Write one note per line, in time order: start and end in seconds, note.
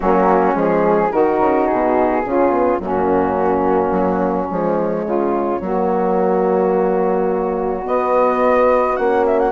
0.00 0.55 F#3
0.00 0.53 A#3
0.00 1.10 C#4
0.00 0.55 F#4
0.53 1.11 F3
0.53 1.09 G#3
0.53 1.11 G#4
1.10 1.39 D#3
1.10 2.24 D#4
1.10 2.22 F#4
1.10 1.66 A#4
1.39 1.67 C#3
1.66 2.25 B2
1.66 2.79 G#4
2.24 2.78 C#3
2.24 2.50 C#4
2.24 2.80 F4
2.50 2.79 B3
2.78 3.91 F#2
2.78 4.49 A#3
2.78 5.04 C#4
2.84 4.51 F#4
3.91 4.47 F#3
4.50 5.06 F3
4.50 5.61 G#3
4.50 7.86 C#5
5.04 5.60 C#3
5.04 5.61 F4
5.60 7.84 F#3
5.60 7.84 A#3
5.60 9.51 F#4
7.84 8.96 B3
7.84 8.98 B3
7.84 8.96 D#5
8.96 9.51 A#3
8.96 9.51 C#4
8.96 9.24 F#5
9.26 9.39 E5
9.39 9.51 F#5